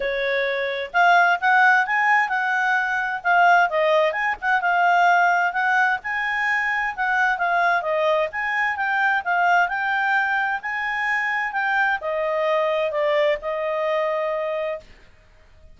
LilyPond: \new Staff \with { instrumentName = "clarinet" } { \time 4/4 \tempo 4 = 130 cis''2 f''4 fis''4 | gis''4 fis''2 f''4 | dis''4 gis''8 fis''8 f''2 | fis''4 gis''2 fis''4 |
f''4 dis''4 gis''4 g''4 | f''4 g''2 gis''4~ | gis''4 g''4 dis''2 | d''4 dis''2. | }